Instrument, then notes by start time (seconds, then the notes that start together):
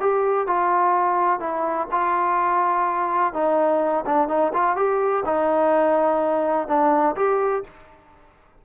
trombone
0.00 G4
0.47 F4
1.40 E4
1.91 F4
3.33 D#4
4.06 D4
4.28 D#4
4.53 F4
4.76 G4
5.25 D#4
6.68 D4
7.15 G4